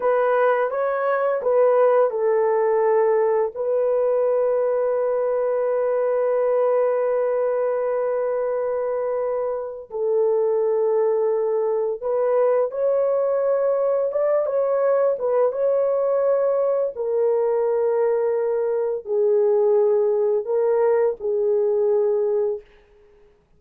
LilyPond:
\new Staff \with { instrumentName = "horn" } { \time 4/4 \tempo 4 = 85 b'4 cis''4 b'4 a'4~ | a'4 b'2.~ | b'1~ | b'2 a'2~ |
a'4 b'4 cis''2 | d''8 cis''4 b'8 cis''2 | ais'2. gis'4~ | gis'4 ais'4 gis'2 | }